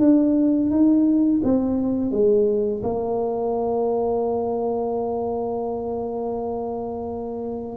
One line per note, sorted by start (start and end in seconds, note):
0.00 0.71 D4
0.71 1.41 D#4
1.44 2.12 C4
2.12 2.82 G#3
2.84 7.78 A#3